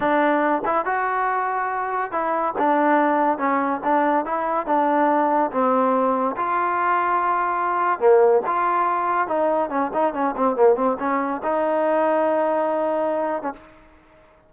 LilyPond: \new Staff \with { instrumentName = "trombone" } { \time 4/4 \tempo 4 = 142 d'4. e'8 fis'2~ | fis'4 e'4 d'2 | cis'4 d'4 e'4 d'4~ | d'4 c'2 f'4~ |
f'2. ais4 | f'2 dis'4 cis'8 dis'8 | cis'8 c'8 ais8 c'8 cis'4 dis'4~ | dis'2.~ dis'8. cis'16 | }